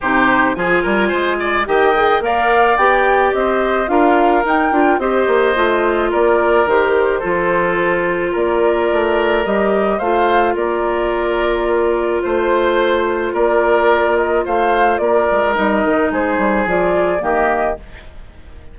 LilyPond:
<<
  \new Staff \with { instrumentName = "flute" } { \time 4/4 \tempo 4 = 108 c''4 gis''2 g''4 | f''4 g''4 dis''4 f''4 | g''4 dis''2 d''4 | c''2. d''4~ |
d''4 dis''4 f''4 d''4~ | d''2 c''2 | d''4. dis''8 f''4 d''4 | dis''4 c''4 d''4 dis''4 | }
  \new Staff \with { instrumentName = "oboe" } { \time 4/4 g'4 gis'8 ais'8 c''8 d''8 dis''4 | d''2 c''4 ais'4~ | ais'4 c''2 ais'4~ | ais'4 a'2 ais'4~ |
ais'2 c''4 ais'4~ | ais'2 c''2 | ais'2 c''4 ais'4~ | ais'4 gis'2 g'4 | }
  \new Staff \with { instrumentName = "clarinet" } { \time 4/4 dis'4 f'2 g'8 gis'8 | ais'4 g'2 f'4 | dis'8 f'8 g'4 f'2 | g'4 f'2.~ |
f'4 g'4 f'2~ | f'1~ | f'1 | dis'2 f'4 ais4 | }
  \new Staff \with { instrumentName = "bassoon" } { \time 4/4 c4 f8 g8 gis4 dis4 | ais4 b4 c'4 d'4 | dis'8 d'8 c'8 ais8 a4 ais4 | dis4 f2 ais4 |
a4 g4 a4 ais4~ | ais2 a2 | ais2 a4 ais8 gis8 | g8 dis8 gis8 g8 f4 dis4 | }
>>